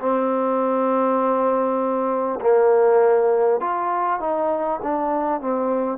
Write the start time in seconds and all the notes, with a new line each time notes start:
0.00 C4
2.41 A#3
3.61 F4
4.21 D#4
4.83 D4
5.41 C4